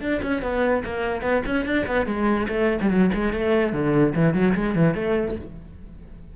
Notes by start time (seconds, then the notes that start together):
0.00 D4
0.22 C#4
0.42 B3
0.84 A#3
1.21 B3
1.46 C#4
1.65 D4
1.86 B3
2.06 G#3
2.48 A3
2.81 G3
2.90 F#3
3.13 G#3
3.33 A3
3.72 D3
4.15 E3
4.33 F#3
4.54 G#3
4.74 E3
4.94 A3